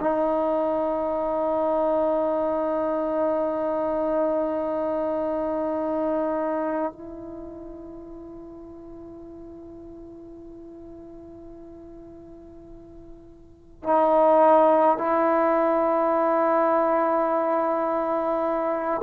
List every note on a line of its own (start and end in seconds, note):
0.00 6.92 D#4
6.92 13.83 E4
13.83 14.98 D#4
14.98 19.02 E4